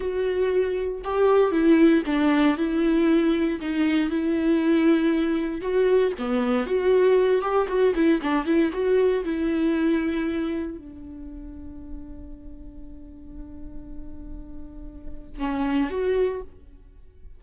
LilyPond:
\new Staff \with { instrumentName = "viola" } { \time 4/4 \tempo 4 = 117 fis'2 g'4 e'4 | d'4 e'2 dis'4 | e'2. fis'4 | b4 fis'4. g'8 fis'8 e'8 |
d'8 e'8 fis'4 e'2~ | e'4 d'2.~ | d'1~ | d'2 cis'4 fis'4 | }